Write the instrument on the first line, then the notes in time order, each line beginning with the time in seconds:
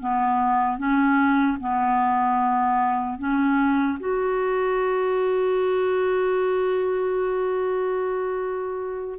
clarinet
0.00 B3
0.78 C#4
1.60 B3
3.19 C#4
4.00 F#4